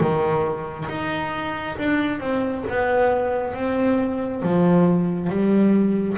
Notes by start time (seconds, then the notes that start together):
0.00 D#3
0.89 D#4
1.78 D4
2.20 C4
2.69 B3
3.54 C4
4.43 F3
5.30 G3